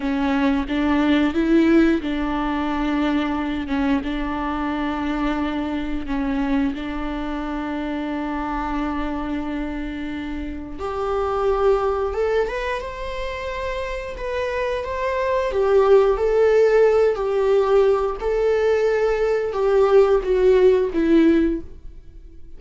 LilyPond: \new Staff \with { instrumentName = "viola" } { \time 4/4 \tempo 4 = 89 cis'4 d'4 e'4 d'4~ | d'4. cis'8 d'2~ | d'4 cis'4 d'2~ | d'1 |
g'2 a'8 b'8 c''4~ | c''4 b'4 c''4 g'4 | a'4. g'4. a'4~ | a'4 g'4 fis'4 e'4 | }